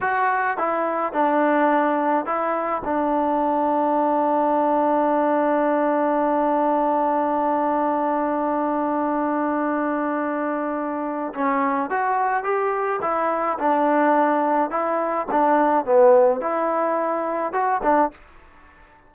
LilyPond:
\new Staff \with { instrumentName = "trombone" } { \time 4/4 \tempo 4 = 106 fis'4 e'4 d'2 | e'4 d'2.~ | d'1~ | d'1~ |
d'1 | cis'4 fis'4 g'4 e'4 | d'2 e'4 d'4 | b4 e'2 fis'8 d'8 | }